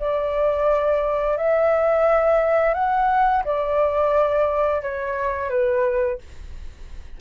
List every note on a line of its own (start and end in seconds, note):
0.00 1.38 D5
1.38 2.75 E5
2.75 3.44 F#5
3.45 4.82 D5
4.82 5.50 C#5
5.50 6.19 B4